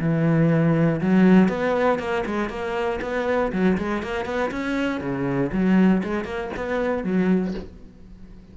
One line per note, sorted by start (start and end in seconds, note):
0.00 1.01 E3
1.01 1.49 F#3
1.49 1.99 B3
1.99 2.24 A#3
2.26 2.49 G#3
2.49 3.00 A#3
3.01 3.52 B3
3.52 3.77 F#3
3.78 4.02 G#3
4.02 4.25 A#3
4.25 4.51 B3
4.51 5.01 C#4
5.01 5.51 C#3
5.52 6.03 F#3
6.04 6.25 G#3
6.25 6.50 A#3
6.57 7.04 B3
7.04 7.54 F#3